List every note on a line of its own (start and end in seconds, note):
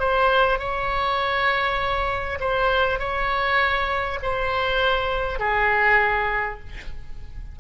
0.00 0.59 C5
0.59 2.39 C#5
2.41 2.99 C5
2.99 4.19 C#5
4.23 5.40 C5
5.40 6.60 G#4